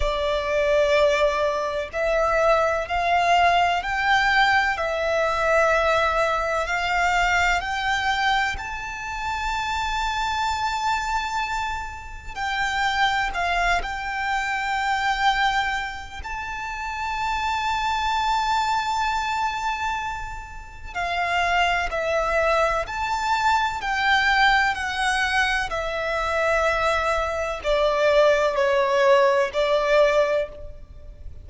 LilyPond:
\new Staff \with { instrumentName = "violin" } { \time 4/4 \tempo 4 = 63 d''2 e''4 f''4 | g''4 e''2 f''4 | g''4 a''2.~ | a''4 g''4 f''8 g''4.~ |
g''4 a''2.~ | a''2 f''4 e''4 | a''4 g''4 fis''4 e''4~ | e''4 d''4 cis''4 d''4 | }